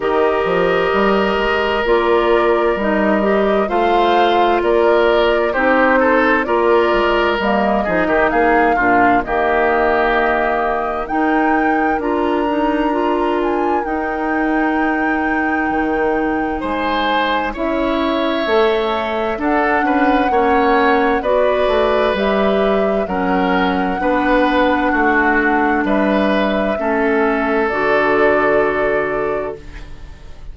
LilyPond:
<<
  \new Staff \with { instrumentName = "flute" } { \time 4/4 \tempo 4 = 65 dis''2 d''4 dis''4 | f''4 d''4 c''4 d''4 | dis''4 f''4 dis''2 | g''4 ais''4. gis''8 g''4~ |
g''2 gis''4 e''4~ | e''4 fis''2 d''4 | e''4 fis''2. | e''2 d''2 | }
  \new Staff \with { instrumentName = "oboe" } { \time 4/4 ais'1 | c''4 ais'4 g'8 a'8 ais'4~ | ais'8 gis'16 g'16 gis'8 f'8 g'2 | ais'1~ |
ais'2 c''4 cis''4~ | cis''4 a'8 b'8 cis''4 b'4~ | b'4 ais'4 b'4 fis'4 | b'4 a'2. | }
  \new Staff \with { instrumentName = "clarinet" } { \time 4/4 g'2 f'4 dis'8 g'8 | f'2 dis'4 f'4 | ais8 dis'4 d'8 ais2 | dis'4 f'8 dis'8 f'4 dis'4~ |
dis'2. e'4 | a'4 d'4 cis'4 fis'4 | g'4 cis'4 d'2~ | d'4 cis'4 fis'2 | }
  \new Staff \with { instrumentName = "bassoon" } { \time 4/4 dis8 f8 g8 gis8 ais4 g4 | a4 ais4 c'4 ais8 gis8 | g8 f16 dis16 ais8 ais,8 dis2 | dis'4 d'2 dis'4~ |
dis'4 dis4 gis4 cis'4 | a4 d'8 cis'8 ais4 b8 a8 | g4 fis4 b4 a4 | g4 a4 d2 | }
>>